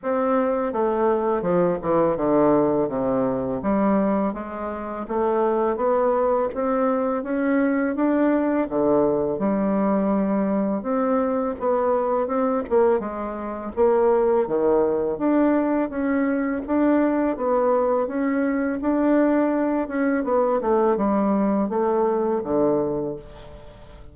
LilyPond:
\new Staff \with { instrumentName = "bassoon" } { \time 4/4 \tempo 4 = 83 c'4 a4 f8 e8 d4 | c4 g4 gis4 a4 | b4 c'4 cis'4 d'4 | d4 g2 c'4 |
b4 c'8 ais8 gis4 ais4 | dis4 d'4 cis'4 d'4 | b4 cis'4 d'4. cis'8 | b8 a8 g4 a4 d4 | }